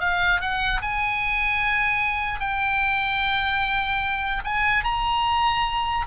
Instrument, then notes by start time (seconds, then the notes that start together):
oboe
0.00 F5
0.41 F#5
0.81 G#5
2.40 G5
4.44 G#5
4.84 A#5